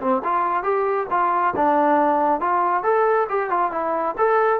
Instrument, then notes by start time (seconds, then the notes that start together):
trombone
0.00 C4
0.24 F4
0.63 G4
1.10 F4
1.56 D4
2.40 F4
2.83 A4
3.29 G4
3.50 F4
3.71 E4
4.17 A4